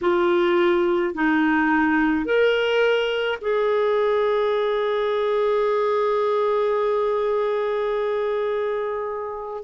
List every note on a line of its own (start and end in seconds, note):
0.01 1.14 F4
1.14 2.25 D#4
2.25 3.38 A#4
3.41 9.63 G#4